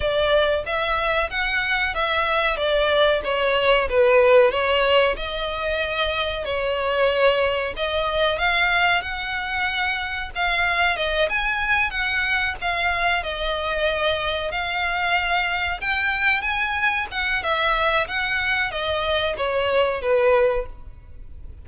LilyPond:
\new Staff \with { instrumentName = "violin" } { \time 4/4 \tempo 4 = 93 d''4 e''4 fis''4 e''4 | d''4 cis''4 b'4 cis''4 | dis''2 cis''2 | dis''4 f''4 fis''2 |
f''4 dis''8 gis''4 fis''4 f''8~ | f''8 dis''2 f''4.~ | f''8 g''4 gis''4 fis''8 e''4 | fis''4 dis''4 cis''4 b'4 | }